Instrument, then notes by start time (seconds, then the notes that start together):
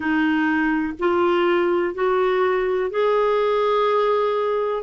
clarinet
0.00 D#4
0.99 F4
1.94 F#4
2.90 G#4